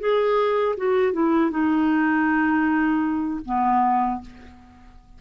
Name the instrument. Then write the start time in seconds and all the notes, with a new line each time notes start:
clarinet
0.00 G#4
0.77 F#4
1.13 E4
1.51 D#4
3.46 B3